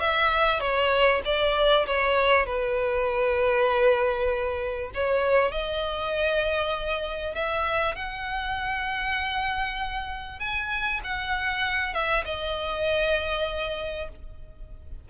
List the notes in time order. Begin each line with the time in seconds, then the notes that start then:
0.00 E5
0.60 C#5
1.25 D5
1.87 C#5
2.46 B4
4.95 C#5
5.52 D#5
7.35 E5
7.96 F#5
10.40 G#5
11.04 F#5
11.94 E5
12.25 D#5